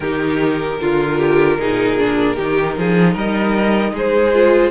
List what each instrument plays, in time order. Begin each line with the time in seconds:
0.00 cello D#3, viola D#4, violin G4 A#4
0.80 cello D3, violin F4, viola F4
1.17 violin G4
1.58 cello A#2, viola D#4, violin G#4
1.98 viola D4
2.35 cello D#3, viola D#4, violin G4
2.77 cello F3, violin G#4
3.13 cello G3, violin A#4 D#5
3.91 cello G#3, violin G#4
3.97 violin C5
4.33 viola F4